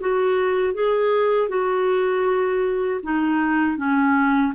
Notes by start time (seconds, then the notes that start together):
0.00 F#4
0.74 G#4
1.48 F#4
3.02 D#4
3.77 C#4